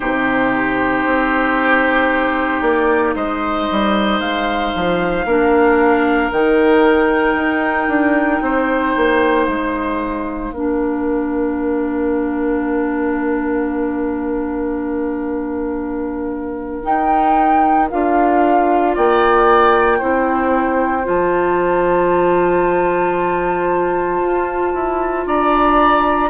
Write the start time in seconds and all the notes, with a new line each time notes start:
0.00 C3 D#4 G4 C5
1.05 C4
2.61 A#3 D5
3.15 G#3 C5 D#5
3.71 G3
4.20 G#3 F5
4.75 F3
5.25 A#3 D4 A#4
6.31 D#3 D#4 G5
7.34 D#4
7.87 D4
8.41 C4 C5
8.96 A#3
9.46 G#3 F5
10.51 A#3 D4 A#4
16.82 D#4 G5
17.90 D4 F4 F5
18.95 A#3 D5 G5
19.98 C4 E4 C5
21.03 F3 F4 A5
24.20 F4
24.73 E4
25.26 D4 D5 A#5